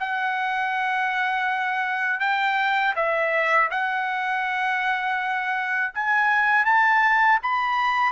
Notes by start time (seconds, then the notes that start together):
0.00 F#5
2.20 G5
2.96 E5
3.71 F#5
5.95 G#5
6.66 A5
7.43 B5